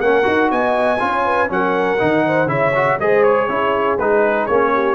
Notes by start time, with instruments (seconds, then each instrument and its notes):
0.00 tuba A#3, trombone C#4, horn A#4, trumpet F#5
0.23 tuba D#4, trombone F#4
0.51 tuba B3, horn D#5, trumpet G#5
0.99 tuba C#4, trombone F4, horn C#5
1.25 horn B4
1.48 tuba F#3, trombone C#4, horn A#4, trumpet F#5
1.99 tuba D#3, trombone D#4
2.26 horn C5
2.46 tuba C#3, trombone E4, horn C#5, trumpet E5
2.75 trombone F#4
2.99 tuba G#3, trombone G#4, horn C5, trumpet D#5
3.23 trumpet C#5
3.49 tuba C#4, trombone E4, horn G#4
3.98 tuba G#3, trombone D#4, trumpet B4
4.46 tuba A#3, trombone C#4, trumpet C#5
4.74 horn G4